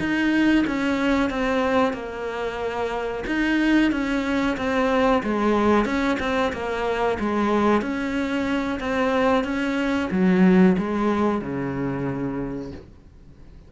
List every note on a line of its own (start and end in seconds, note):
0.00 0.65 D#4
0.67 1.30 C#4
1.30 1.94 C4
1.94 3.24 A#3
3.27 3.92 D#4
3.92 4.57 C#4
4.58 5.23 C4
5.24 5.85 G#3
5.85 6.18 C#4
6.20 6.53 C4
6.53 7.18 A#3
7.20 7.82 G#3
7.82 8.80 C#4
8.80 9.44 C4
9.44 10.10 C#4
10.11 10.77 F#3
10.78 11.42 G#3
11.42 12.72 C#3